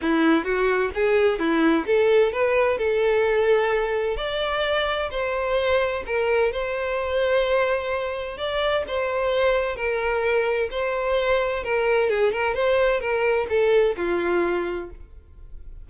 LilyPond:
\new Staff \with { instrumentName = "violin" } { \time 4/4 \tempo 4 = 129 e'4 fis'4 gis'4 e'4 | a'4 b'4 a'2~ | a'4 d''2 c''4~ | c''4 ais'4 c''2~ |
c''2 d''4 c''4~ | c''4 ais'2 c''4~ | c''4 ais'4 gis'8 ais'8 c''4 | ais'4 a'4 f'2 | }